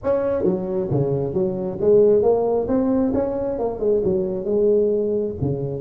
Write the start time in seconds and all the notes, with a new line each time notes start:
0.03 C#4
0.43 F#3
0.90 C#3
1.33 F#3
1.81 G#3
2.22 A#3
2.68 C4
3.13 C#4
3.58 A#3
3.79 G#3
4.04 F#3
4.45 G#3
5.41 C#3